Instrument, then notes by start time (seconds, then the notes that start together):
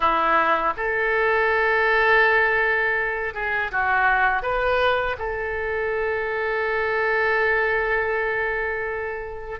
oboe
0.00 E4
0.76 A4
3.34 G#4
3.71 F#4
4.42 B4
5.18 A4